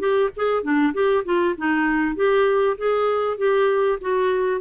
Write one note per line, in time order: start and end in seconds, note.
0.00 0.31 G4
0.37 0.63 G#4
0.63 0.94 D4
0.94 1.24 G4
1.25 1.56 F4
1.58 2.16 D#4
2.16 2.77 G4
2.78 3.38 G#4
3.38 3.99 G4
4.01 4.62 F#4